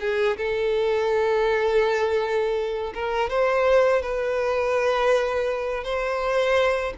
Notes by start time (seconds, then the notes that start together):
0.00 G#4
0.37 A4
2.94 A#4
3.29 C5
4.02 B4
5.84 C5